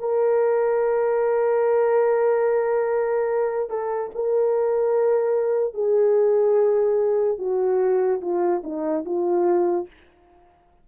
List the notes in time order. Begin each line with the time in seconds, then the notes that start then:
0.00 A#4
3.70 A4
4.15 A#4
5.75 G#4
7.39 F#4
8.22 F4
8.64 D#4
9.06 F4